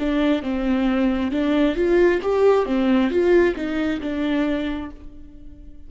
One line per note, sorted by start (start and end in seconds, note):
0.00 0.43 D4
0.43 1.31 C4
1.31 1.76 D4
1.76 2.21 F4
2.22 2.66 G4
2.66 3.11 C4
3.11 3.55 F4
3.56 4.01 D#4
4.01 4.91 D4